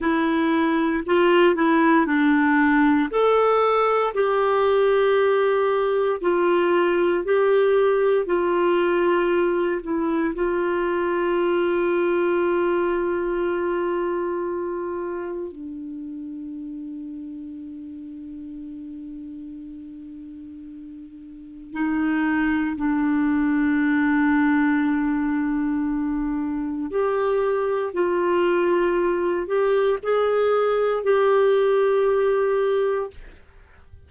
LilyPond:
\new Staff \with { instrumentName = "clarinet" } { \time 4/4 \tempo 4 = 58 e'4 f'8 e'8 d'4 a'4 | g'2 f'4 g'4 | f'4. e'8 f'2~ | f'2. d'4~ |
d'1~ | d'4 dis'4 d'2~ | d'2 g'4 f'4~ | f'8 g'8 gis'4 g'2 | }